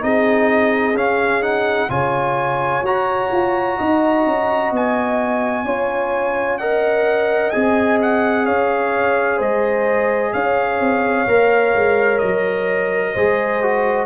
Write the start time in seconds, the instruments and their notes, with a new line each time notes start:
0.00 tuba C4, trombone D#4, horn G#4, trumpet D#5
0.95 tuba C#4, trombone C#4, trumpet F5
1.42 trombone D#4, trumpet F#5
1.89 tuba C#3, trombone F4, horn C#5, trumpet G#5
2.82 tuba F#4, trombone F#4, trumpet A#5
3.32 tuba F4
3.79 tuba D#4, horn D#5
4.26 tuba C#4
4.72 tuba B3, trumpet G#5
5.65 tuba C#4, trombone F4, horn C#5
6.59 trombone A#4, horn D#5, trumpet F#5
7.51 tuba C4, trombone G#4, trumpet G#5
8.02 trumpet F#5
8.46 tuba C#4, horn C#5, trumpet F5
9.38 tuba G#3, horn C5, trumpet D#5
10.33 tuba C#4, horn C#5, trumpet F5
10.80 tuba C4
11.28 tuba A#3, trombone A#4
11.75 tuba G#3
12.19 tuba F#3, trumpet D#5
13.14 tuba G#3, trombone G#4, horn C5
13.63 trombone F#4